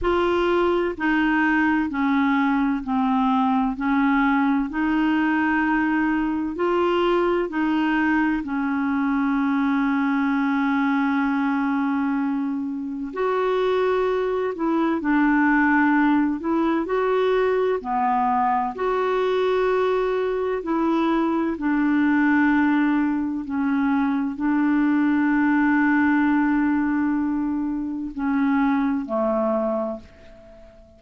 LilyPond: \new Staff \with { instrumentName = "clarinet" } { \time 4/4 \tempo 4 = 64 f'4 dis'4 cis'4 c'4 | cis'4 dis'2 f'4 | dis'4 cis'2.~ | cis'2 fis'4. e'8 |
d'4. e'8 fis'4 b4 | fis'2 e'4 d'4~ | d'4 cis'4 d'2~ | d'2 cis'4 a4 | }